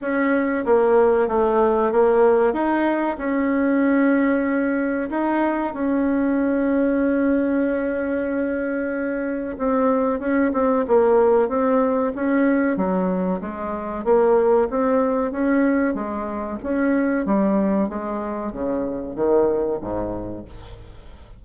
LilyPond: \new Staff \with { instrumentName = "bassoon" } { \time 4/4 \tempo 4 = 94 cis'4 ais4 a4 ais4 | dis'4 cis'2. | dis'4 cis'2.~ | cis'2. c'4 |
cis'8 c'8 ais4 c'4 cis'4 | fis4 gis4 ais4 c'4 | cis'4 gis4 cis'4 g4 | gis4 cis4 dis4 gis,4 | }